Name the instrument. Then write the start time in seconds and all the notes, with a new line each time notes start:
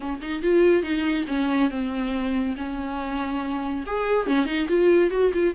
viola
0.00 C#4
0.21 D#4
0.42 F4
0.82 D#4
1.27 C#4
1.70 C4
2.56 C#4
3.86 G#4
4.26 C#4
4.45 D#4
4.68 F4
5.10 F#4
5.33 F4